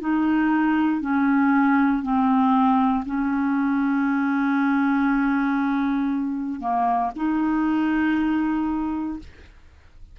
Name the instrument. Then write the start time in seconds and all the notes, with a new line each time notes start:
clarinet
0.00 D#4
1.00 C#4
2.02 C4
3.05 C#4
6.60 A#3
7.15 D#4